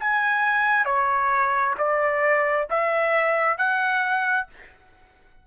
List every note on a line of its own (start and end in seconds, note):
0.00 0.85 G#5
0.85 1.75 C#5
1.77 2.67 D5
2.70 3.57 E5
3.57 4.47 F#5